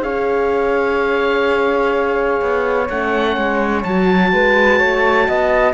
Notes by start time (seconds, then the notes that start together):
0.00 C#4 G#4 C#5 F5
2.41 B3
2.89 A3 C#4 F#5
3.36 G#3
3.83 F#3 F#4 A5
4.32 G#3 B4
4.78 A3 C#5
5.26 B3 D#5